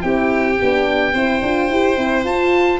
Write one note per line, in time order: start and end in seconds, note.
0.00 0.59 C4
0.00 0.56 E4
0.00 1.12 G4
0.00 2.25 G5
0.61 1.13 B3
0.61 1.15 D4
1.12 1.41 C4
1.12 1.43 E4
1.12 2.80 C5
1.41 1.69 D4
1.41 1.71 F4
1.69 1.96 E4
1.69 1.96 G4
1.96 2.24 C4
1.96 2.24 E4
2.24 2.80 F4
2.24 2.80 A5